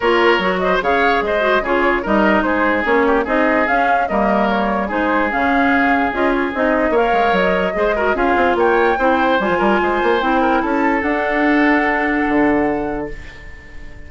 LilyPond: <<
  \new Staff \with { instrumentName = "flute" } { \time 4/4 \tempo 4 = 147 cis''4. dis''8 f''4 dis''4 | cis''4 dis''4 c''4 cis''4 | dis''4 f''4 dis''4 cis''4 | c''4 f''2 dis''8 cis''8 |
dis''4 f''4 dis''2 | f''4 g''2 gis''4~ | gis''4 g''4 a''4 fis''4~ | fis''1 | }
  \new Staff \with { instrumentName = "oboe" } { \time 4/4 ais'4. c''8 cis''4 c''4 | gis'4 ais'4 gis'4. g'8 | gis'2 ais'2 | gis'1~ |
gis'4 cis''2 c''8 ais'8 | gis'4 cis''4 c''4. ais'8 | c''4. ais'8 a'2~ | a'1 | }
  \new Staff \with { instrumentName = "clarinet" } { \time 4/4 f'4 fis'4 gis'4. fis'8 | f'4 dis'2 cis'4 | dis'4 cis'4 ais2 | dis'4 cis'2 f'4 |
dis'4 ais'2 gis'8 fis'8 | f'2 e'4 f'4~ | f'4 e'2 d'4~ | d'1 | }
  \new Staff \with { instrumentName = "bassoon" } { \time 4/4 ais4 fis4 cis4 gis4 | cis4 g4 gis4 ais4 | c'4 cis'4 g2 | gis4 cis2 cis'4 |
c'4 ais8 gis8 fis4 gis4 | cis'8 c'8 ais4 c'4 g16 f16 g8 | gis8 ais8 c'4 cis'4 d'4~ | d'2 d2 | }
>>